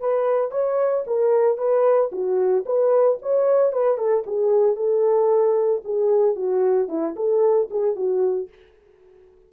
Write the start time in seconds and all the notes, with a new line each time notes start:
0.00 B4
0.51 C#5
1.07 A#4
1.58 B4
2.12 F#4
2.65 B4
3.22 C#5
3.72 B4
3.98 A4
4.26 G#4
4.76 A4
5.84 G#4
6.35 F#4
6.88 E4
7.16 A4
7.70 G#4
7.95 F#4